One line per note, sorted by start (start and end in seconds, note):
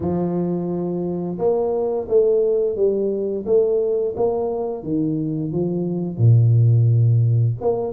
0.00 1.38 F3
1.38 2.07 A#3
2.08 2.76 A3
2.76 3.45 G3
3.45 4.14 A3
4.16 4.83 A#3
4.83 5.52 D#3
5.52 6.17 F3
6.17 7.55 A#2
7.60 7.92 A#3